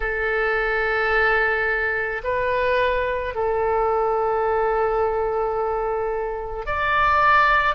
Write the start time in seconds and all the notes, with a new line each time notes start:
0.00 A4
2.23 B4
3.34 A4
6.66 D5